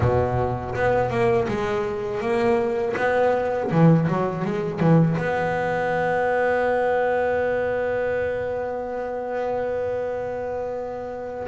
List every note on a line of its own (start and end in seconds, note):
0.00 0.74 B2
0.74 1.09 B3
1.09 1.46 A#3
1.48 2.20 G#3
2.20 2.95 A#3
2.96 3.70 B3
3.71 4.08 E3
4.08 4.44 F#3
4.44 4.79 G#3
4.79 5.16 E3
5.17 11.46 B3